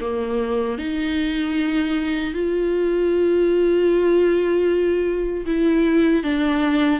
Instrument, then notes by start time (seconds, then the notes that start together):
viola
0.00 A#3
0.78 D#4
2.33 F4
5.45 E4
6.23 D4